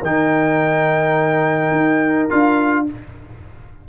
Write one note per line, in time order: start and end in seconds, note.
0.00 1.71 D#3
0.00 2.29 D#4
0.00 2.83 A#4
0.00 2.29 G5
1.71 2.27 D#4
2.29 2.88 D4
2.29 2.86 F4
2.29 2.86 F5